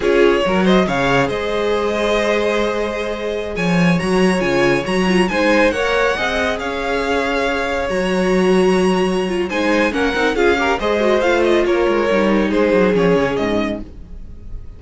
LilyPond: <<
  \new Staff \with { instrumentName = "violin" } { \time 4/4 \tempo 4 = 139 cis''4. dis''8 f''4 dis''4~ | dis''1~ | dis''16 gis''4 ais''4 gis''4 ais''8.~ | ais''16 gis''4 fis''2 f''8.~ |
f''2~ f''16 ais''4.~ ais''16~ | ais''2 gis''4 fis''4 | f''4 dis''4 f''8 dis''8 cis''4~ | cis''4 c''4 cis''4 dis''4 | }
  \new Staff \with { instrumentName = "violin" } { \time 4/4 gis'4 ais'8 c''8 cis''4 c''4~ | c''1~ | c''16 cis''2.~ cis''8.~ | cis''16 c''4 cis''4 dis''4 cis''8.~ |
cis''1~ | cis''2 c''4 ais'4 | gis'8 ais'8 c''2 ais'4~ | ais'4 gis'2. | }
  \new Staff \with { instrumentName = "viola" } { \time 4/4 f'4 fis'4 gis'2~ | gis'1~ | gis'4~ gis'16 fis'4 f'4 fis'8 f'16~ | f'16 dis'4 ais'4 gis'4.~ gis'16~ |
gis'2~ gis'16 fis'4.~ fis'16~ | fis'4. f'8 dis'4 cis'8 dis'8 | f'8 g'8 gis'8 fis'8 f'2 | dis'2 cis'2 | }
  \new Staff \with { instrumentName = "cello" } { \time 4/4 cis'4 fis4 cis4 gis4~ | gis1~ | gis16 f4 fis4 cis4 fis8.~ | fis16 gis4 ais4 c'4 cis'8.~ |
cis'2~ cis'16 fis4.~ fis16~ | fis2 gis4 ais8 c'8 | cis'4 gis4 a4 ais8 gis8 | g4 gis8 fis8 f8 cis8 gis,4 | }
>>